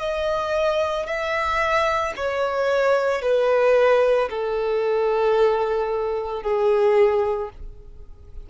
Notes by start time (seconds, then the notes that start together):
0.00 D#5
1.07 E5
2.17 C#5
3.22 B4
4.30 A4
6.43 G#4